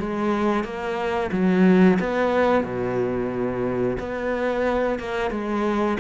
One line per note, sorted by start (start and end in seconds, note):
0.00 0.64 G#3
0.64 1.31 A#3
1.32 1.98 F#3
2.00 2.64 B3
2.64 3.98 B2
3.99 4.99 B3
5.00 5.31 A#3
5.31 5.98 G#3